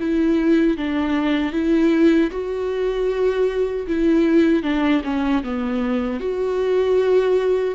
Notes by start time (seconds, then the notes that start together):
0.00 E4
0.78 D4
1.53 E4
2.32 F#4
3.88 E4
4.64 D4
5.04 C#4
5.44 B3
6.21 F#4